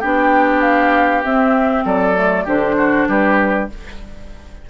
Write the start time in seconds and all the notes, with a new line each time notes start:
0.00 B3 D4 G4 G5
0.61 F5
1.23 C4 E5
1.85 F#3 A4 D5
2.15 A3
2.45 D3 D4 G4 C5
2.77 F#4
3.08 G3 G4 B4